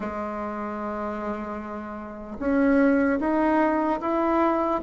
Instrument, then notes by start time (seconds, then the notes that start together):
bassoon
0.00 G#3
2.39 C#4
3.19 D#4
4.00 E4